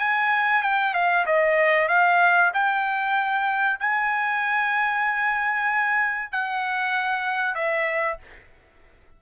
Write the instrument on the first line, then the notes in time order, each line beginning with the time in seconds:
trumpet
0.00 G#5
0.63 G5
0.94 F5
1.27 D#5
1.89 F5
2.54 G5
3.80 G#5
6.32 F#5
7.55 E5